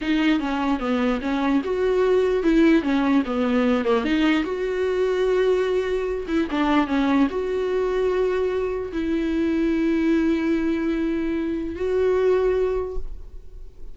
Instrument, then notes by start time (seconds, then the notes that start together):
viola
0.01 D#4
0.39 C#4
0.79 B3
1.21 C#4
1.64 F#4
2.43 E4
2.82 C#4
3.25 B3
3.84 A#3
4.04 D#4
4.43 F#4
6.27 E4
6.50 D4
6.87 C#4
7.30 F#4
8.92 E4
11.75 F#4